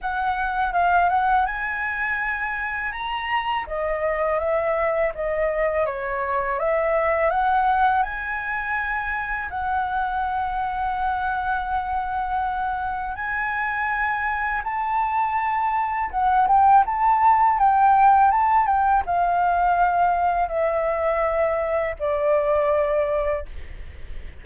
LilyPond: \new Staff \with { instrumentName = "flute" } { \time 4/4 \tempo 4 = 82 fis''4 f''8 fis''8 gis''2 | ais''4 dis''4 e''4 dis''4 | cis''4 e''4 fis''4 gis''4~ | gis''4 fis''2.~ |
fis''2 gis''2 | a''2 fis''8 g''8 a''4 | g''4 a''8 g''8 f''2 | e''2 d''2 | }